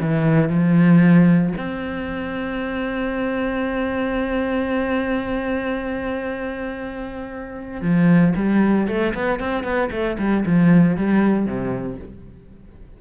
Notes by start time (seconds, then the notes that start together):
0.00 E3
0.49 F3
1.57 C4
7.82 F3
8.36 G3
8.88 A3
9.14 B3
9.39 C4
9.64 B3
9.91 A3
10.19 G3
10.46 F3
10.97 G3
11.46 C3